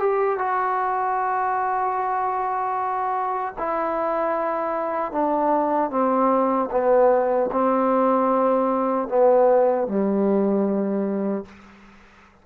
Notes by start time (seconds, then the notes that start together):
0.00 G4
0.39 F#4
3.59 E4
5.12 D4
5.91 C4
6.71 B3
7.52 C4
9.09 B3
9.88 G3